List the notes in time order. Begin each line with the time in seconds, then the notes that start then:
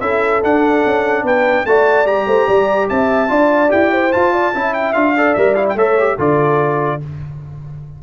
0.00 C#4 E4 A4 E5
0.42 D4 F#5
0.86 C#4
1.23 B3 B4 G5
1.65 A3 F#4 D5 A5
2.06 G3 G4 A#5
2.26 A3 C5
2.47 G3 D5
2.89 C4 E5 A5
3.28 D4 F4 D5
3.68 E4 G4 G5
3.91 C5
4.12 F4 A5
4.33 D5
4.54 C#4 E4 E5
4.73 G5
4.93 D4 F4 F5
5.17 A4 D5
5.34 G3 A#4 E5
5.55 E4 F5
5.69 A3 G5
5.76 A4 C#5 E5
5.98 G4
6.15 D3 F4 A4 D5